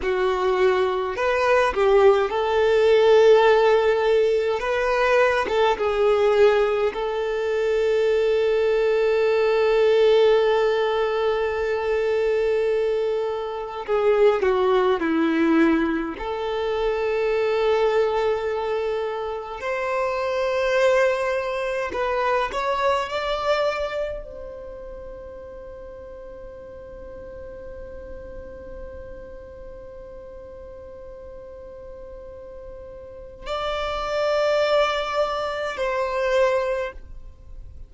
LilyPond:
\new Staff \with { instrumentName = "violin" } { \time 4/4 \tempo 4 = 52 fis'4 b'8 g'8 a'2 | b'8. a'16 gis'4 a'2~ | a'1 | gis'8 fis'8 e'4 a'2~ |
a'4 c''2 b'8 cis''8 | d''4 c''2.~ | c''1~ | c''4 d''2 c''4 | }